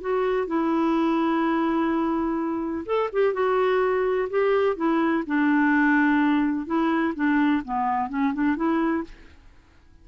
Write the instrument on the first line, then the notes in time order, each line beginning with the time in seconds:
clarinet
0.00 F#4
0.47 E4
2.85 A4
3.12 G4
3.33 F#4
4.29 G4
4.76 E4
5.26 D4
6.66 E4
7.14 D4
7.64 B3
8.09 C#4
8.33 D4
8.56 E4